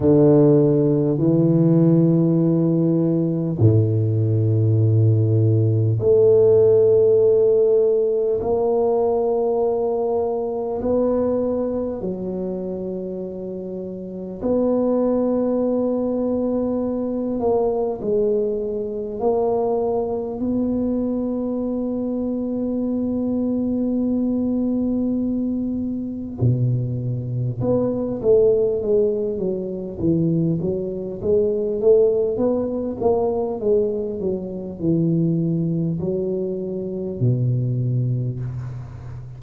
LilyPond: \new Staff \with { instrumentName = "tuba" } { \time 4/4 \tempo 4 = 50 d4 e2 a,4~ | a,4 a2 ais4~ | ais4 b4 fis2 | b2~ b8 ais8 gis4 |
ais4 b2.~ | b2 b,4 b8 a8 | gis8 fis8 e8 fis8 gis8 a8 b8 ais8 | gis8 fis8 e4 fis4 b,4 | }